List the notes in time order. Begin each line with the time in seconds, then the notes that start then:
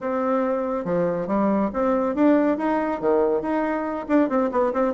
0.00 C4
0.85 F3
1.27 G3
1.73 C4
2.15 D4
2.57 D#4
3.00 D#3
3.41 D#4
4.08 D4
4.29 C4
4.51 B3
4.73 C4